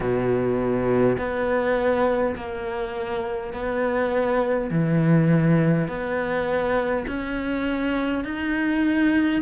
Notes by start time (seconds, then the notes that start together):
0.00 B2
1.18 B3
2.36 A#3
3.53 B3
4.70 E3
5.88 B3
7.06 C#4
8.24 D#4